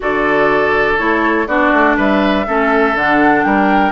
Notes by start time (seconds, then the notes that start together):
0.00 D3 F#4 A4 D5
0.97 A3 E4 C#5
1.47 B3 D4 F#4 D5
1.72 A3
1.96 G3 B4 E5
2.46 A3 C#4 A4
2.94 D3 D4 F#5
3.43 G3 A#4 G5